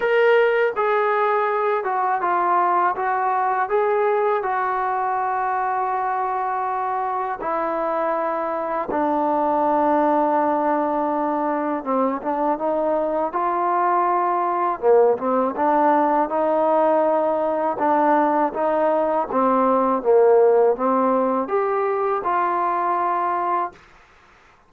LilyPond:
\new Staff \with { instrumentName = "trombone" } { \time 4/4 \tempo 4 = 81 ais'4 gis'4. fis'8 f'4 | fis'4 gis'4 fis'2~ | fis'2 e'2 | d'1 |
c'8 d'8 dis'4 f'2 | ais8 c'8 d'4 dis'2 | d'4 dis'4 c'4 ais4 | c'4 g'4 f'2 | }